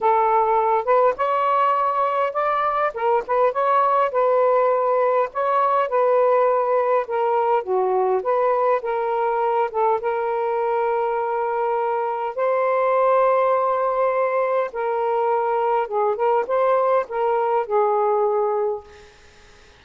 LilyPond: \new Staff \with { instrumentName = "saxophone" } { \time 4/4 \tempo 4 = 102 a'4. b'8 cis''2 | d''4 ais'8 b'8 cis''4 b'4~ | b'4 cis''4 b'2 | ais'4 fis'4 b'4 ais'4~ |
ais'8 a'8 ais'2.~ | ais'4 c''2.~ | c''4 ais'2 gis'8 ais'8 | c''4 ais'4 gis'2 | }